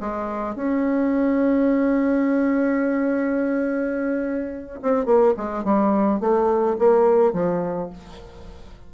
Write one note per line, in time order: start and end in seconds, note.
0.00 0.55 G#3
0.55 4.80 C#4
4.82 5.05 C4
5.05 5.33 A#3
5.37 5.64 G#3
5.64 6.20 G3
6.20 6.76 A3
6.78 7.33 A#3
7.33 7.89 F3